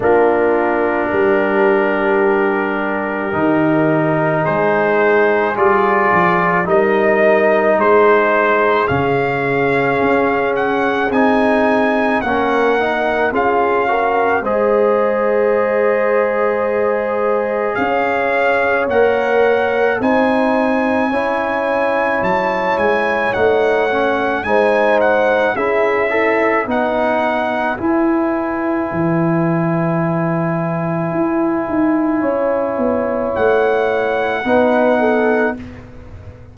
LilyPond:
<<
  \new Staff \with { instrumentName = "trumpet" } { \time 4/4 \tempo 4 = 54 ais'1 | c''4 d''4 dis''4 c''4 | f''4. fis''8 gis''4 fis''4 | f''4 dis''2. |
f''4 fis''4 gis''2 | a''8 gis''8 fis''4 gis''8 fis''8 e''4 | fis''4 gis''2.~ | gis''2 fis''2 | }
  \new Staff \with { instrumentName = "horn" } { \time 4/4 f'4 g'2. | gis'2 ais'4 gis'4~ | gis'2. ais'4 | gis'8 ais'8 c''2. |
cis''2 c''4 cis''4~ | cis''2 c''4 gis'8 e'8 | b'1~ | b'4 cis''2 b'8 a'8 | }
  \new Staff \with { instrumentName = "trombone" } { \time 4/4 d'2. dis'4~ | dis'4 f'4 dis'2 | cis'2 dis'4 cis'8 dis'8 | f'8 fis'8 gis'2.~ |
gis'4 ais'4 dis'4 e'4~ | e'4 dis'8 cis'8 dis'4 e'8 a'8 | dis'4 e'2.~ | e'2. dis'4 | }
  \new Staff \with { instrumentName = "tuba" } { \time 4/4 ais4 g2 dis4 | gis4 g8 f8 g4 gis4 | cis4 cis'4 c'4 ais4 | cis'4 gis2. |
cis'4 ais4 c'4 cis'4 | fis8 gis8 a4 gis4 cis'4 | b4 e'4 e2 | e'8 dis'8 cis'8 b8 a4 b4 | }
>>